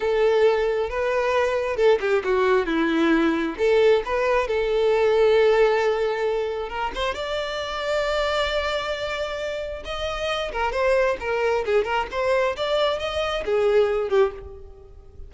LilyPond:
\new Staff \with { instrumentName = "violin" } { \time 4/4 \tempo 4 = 134 a'2 b'2 | a'8 g'8 fis'4 e'2 | a'4 b'4 a'2~ | a'2. ais'8 c''8 |
d''1~ | d''2 dis''4. ais'8 | c''4 ais'4 gis'8 ais'8 c''4 | d''4 dis''4 gis'4. g'8 | }